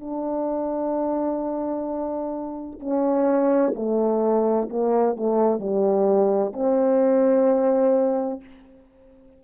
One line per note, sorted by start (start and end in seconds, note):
0.00 2.80 D4
2.80 3.73 C#4
3.75 4.69 A3
4.70 5.16 A#3
5.16 5.60 A3
5.60 6.53 G3
6.53 8.40 C4